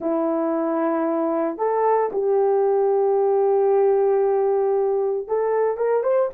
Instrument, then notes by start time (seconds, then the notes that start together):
horn
0.00 E4
1.57 A4
2.12 G4
5.27 A4
5.77 A#4
6.03 C5